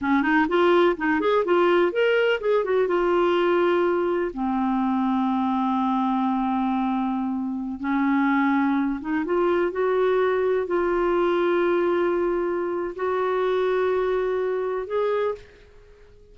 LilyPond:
\new Staff \with { instrumentName = "clarinet" } { \time 4/4 \tempo 4 = 125 cis'8 dis'8 f'4 dis'8 gis'8 f'4 | ais'4 gis'8 fis'8 f'2~ | f'4 c'2.~ | c'1~ |
c'16 cis'2~ cis'8 dis'8 f'8.~ | f'16 fis'2 f'4.~ f'16~ | f'2. fis'4~ | fis'2. gis'4 | }